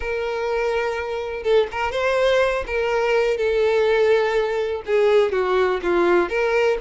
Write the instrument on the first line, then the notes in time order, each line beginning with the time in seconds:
violin
0.00 A#4
1.43 A4
1.71 A#4
1.91 C5
2.67 A#4
3.37 A4
4.85 G#4
5.32 F#4
5.83 F4
6.29 A#4